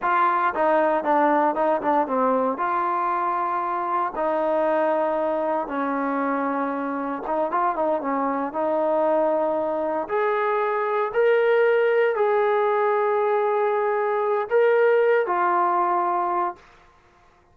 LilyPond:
\new Staff \with { instrumentName = "trombone" } { \time 4/4 \tempo 4 = 116 f'4 dis'4 d'4 dis'8 d'8 | c'4 f'2. | dis'2. cis'4~ | cis'2 dis'8 f'8 dis'8 cis'8~ |
cis'8 dis'2. gis'8~ | gis'4. ais'2 gis'8~ | gis'1 | ais'4. f'2~ f'8 | }